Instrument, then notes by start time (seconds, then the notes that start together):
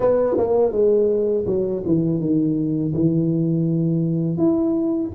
tuba
0.00 B3
0.37 A#3
0.72 G#3
1.46 F#3
1.86 E3
2.20 D#3
2.94 E3
4.37 E4